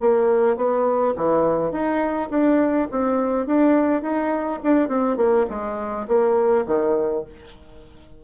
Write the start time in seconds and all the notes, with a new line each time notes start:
0.00 A#3
0.56 B3
1.16 E3
1.71 D#4
2.30 D4
2.91 C4
3.46 D4
4.01 D#4
4.63 D4
4.88 C4
5.17 A#3
5.49 G#3
6.07 A#3
6.65 D#3